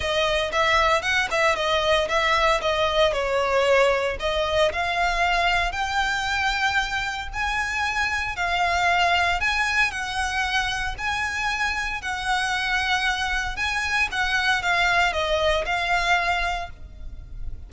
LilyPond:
\new Staff \with { instrumentName = "violin" } { \time 4/4 \tempo 4 = 115 dis''4 e''4 fis''8 e''8 dis''4 | e''4 dis''4 cis''2 | dis''4 f''2 g''4~ | g''2 gis''2 |
f''2 gis''4 fis''4~ | fis''4 gis''2 fis''4~ | fis''2 gis''4 fis''4 | f''4 dis''4 f''2 | }